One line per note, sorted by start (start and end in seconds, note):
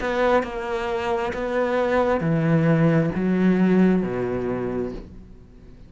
0.00 0.43 B3
0.43 1.33 A#3
1.33 2.21 B3
2.21 3.10 E3
3.15 4.03 F#3
4.03 4.92 B2